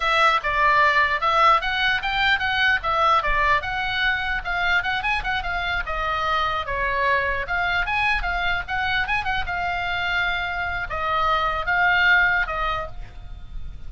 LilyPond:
\new Staff \with { instrumentName = "oboe" } { \time 4/4 \tempo 4 = 149 e''4 d''2 e''4 | fis''4 g''4 fis''4 e''4 | d''4 fis''2 f''4 | fis''8 gis''8 fis''8 f''4 dis''4.~ |
dis''8 cis''2 f''4 gis''8~ | gis''8 f''4 fis''4 gis''8 fis''8 f''8~ | f''2. dis''4~ | dis''4 f''2 dis''4 | }